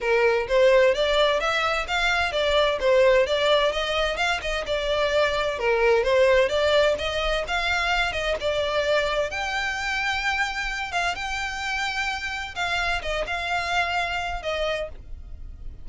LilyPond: \new Staff \with { instrumentName = "violin" } { \time 4/4 \tempo 4 = 129 ais'4 c''4 d''4 e''4 | f''4 d''4 c''4 d''4 | dis''4 f''8 dis''8 d''2 | ais'4 c''4 d''4 dis''4 |
f''4. dis''8 d''2 | g''2.~ g''8 f''8 | g''2. f''4 | dis''8 f''2~ f''8 dis''4 | }